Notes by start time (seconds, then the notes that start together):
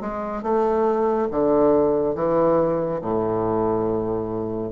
0.00 G#3
0.42 A3
1.31 D3
2.15 E3
3.01 A2